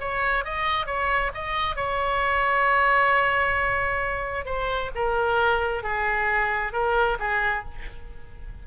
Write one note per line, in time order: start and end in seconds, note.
0.00 0.44 C#5
0.44 0.86 D#5
0.86 1.31 C#5
1.34 1.75 D#5
1.75 4.45 C#5
4.45 4.90 C5
4.95 5.83 A#4
5.83 6.72 G#4
6.72 7.17 A#4
7.19 7.64 G#4